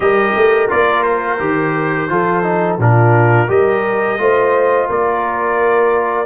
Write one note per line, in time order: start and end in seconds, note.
0.00 0.34 G3
0.00 0.68 G4
0.00 2.11 A#4
0.00 0.68 D#5
0.36 0.71 A3
0.68 1.40 A#3
0.68 1.38 F4
0.68 1.02 D5
1.02 2.77 C5
1.39 2.09 D#3
1.39 2.08 G4
2.08 2.78 F3
2.08 2.43 F4
2.08 2.80 A4
2.43 2.78 D#4
2.78 3.48 A#2
2.78 3.47 D4
2.78 3.48 F4
2.78 3.49 A#4
3.47 4.18 G3
3.47 4.17 G4
3.47 4.18 A#4
3.47 4.89 D#5
4.18 4.87 A3
4.18 6.26 F4
4.18 4.88 C5
4.88 6.26 A#3
4.88 6.26 A#4
4.88 6.26 D5